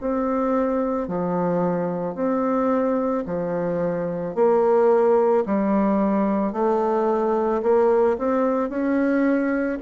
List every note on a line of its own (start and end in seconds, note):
0.00 1.08 C4
1.08 2.15 F3
2.15 3.24 C4
3.26 4.35 F3
4.35 5.44 A#3
5.46 6.53 G3
6.53 7.62 A3
7.62 8.17 A#3
8.18 8.69 C4
8.69 9.78 C#4